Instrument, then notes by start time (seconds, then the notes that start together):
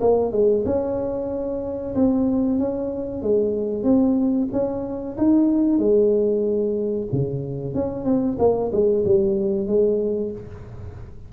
tuba
0.00 A#3
0.32 G#3
0.65 C#4
1.95 C4
2.58 C#4
3.22 G#3
3.83 C4
4.52 C#4
5.17 D#4
5.78 G#3
7.12 C#3
7.74 C#4
8.04 C4
8.38 A#3
8.72 G#3
9.05 G3
9.67 G#3